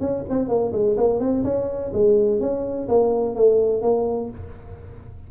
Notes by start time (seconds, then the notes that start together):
0.00 C#4
0.29 C4
0.48 A#3
0.72 G#3
0.97 A#3
1.19 C4
1.44 C#4
1.93 G#3
2.40 C#4
2.88 A#3
3.35 A3
3.82 A#3